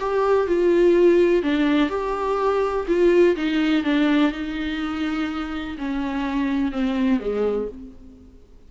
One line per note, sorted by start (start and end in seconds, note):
0.00 0.47 G4
0.47 1.43 F4
1.43 1.89 D4
1.89 2.86 G4
2.87 3.36 F4
3.36 3.84 D#4
3.84 4.32 D4
4.32 5.77 D#4
5.78 6.72 C#4
6.72 7.20 C4
7.20 7.68 G#3